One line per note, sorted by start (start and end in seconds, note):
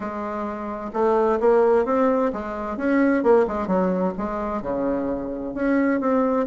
0.00 0.91 G#3
0.93 1.39 A3
1.40 1.85 A#3
1.85 2.31 C4
2.32 2.77 G#3
2.77 3.23 C#4
3.23 3.46 A#3
3.47 3.67 G#3
3.67 4.13 F#3
4.17 4.62 G#3
4.62 5.54 C#3
5.54 6.00 C#4
6.00 6.46 C4